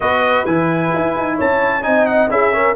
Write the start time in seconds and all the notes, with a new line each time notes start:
0.00 B3 F#4 B4 D#5
0.45 E3 E4 G#5
0.94 E4
1.16 D#4
1.36 C#4 C#5 A5
1.82 C4 D#4 D#5 G#5
2.06 F#5
2.29 C#4 E4 G#4 E5
2.52 C#4 A#4